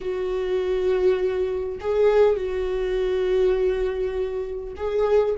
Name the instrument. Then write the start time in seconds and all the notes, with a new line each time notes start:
viola
0.00 F#4
1.80 G#4
2.36 F#4
4.76 G#4